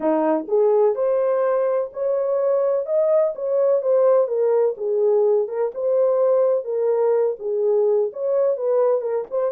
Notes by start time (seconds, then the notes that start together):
0.00 D#4
0.48 G#4
0.95 C5
1.93 C#5
2.85 D#5
3.35 C#5
3.82 C5
4.27 A#4
4.77 G#4
5.48 A#4
5.74 C5
6.64 A#4
7.39 G#4
8.12 C#5
8.56 B4
9.01 A#4
9.30 C5